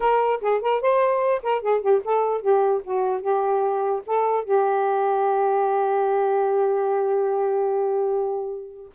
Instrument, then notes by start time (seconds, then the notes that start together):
saxophone
0.00 A#4
0.41 G#4
0.61 A#4
0.81 C5
1.42 A#4
1.61 G#4
1.81 G4
2.04 A4
2.41 G4
2.84 F#4
3.21 G4
4.06 A4
4.44 G4